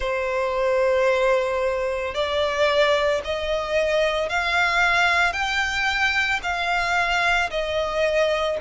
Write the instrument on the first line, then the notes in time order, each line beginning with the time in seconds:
violin
0.00 C5
2.14 D5
3.24 D#5
4.29 F5
5.33 G5
6.42 F5
7.50 D#5